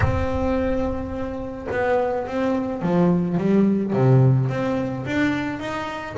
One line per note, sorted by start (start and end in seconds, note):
0.00 1.67 C4
1.71 2.27 B3
2.27 2.82 C4
2.82 3.37 F3
3.37 3.93 G3
3.93 4.49 C3
4.49 5.05 C4
5.06 5.59 D4
5.59 6.15 D#4